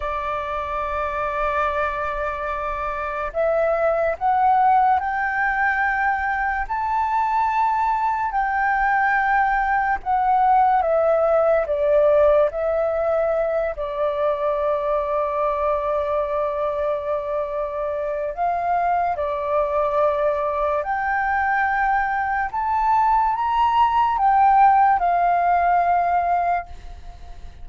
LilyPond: \new Staff \with { instrumentName = "flute" } { \time 4/4 \tempo 4 = 72 d''1 | e''4 fis''4 g''2 | a''2 g''2 | fis''4 e''4 d''4 e''4~ |
e''8 d''2.~ d''8~ | d''2 f''4 d''4~ | d''4 g''2 a''4 | ais''4 g''4 f''2 | }